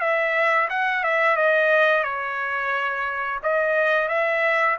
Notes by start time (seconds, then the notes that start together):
0.00 E5
0.69 F#5
1.04 E5
1.36 D#5
2.03 C#5
3.43 D#5
4.08 E5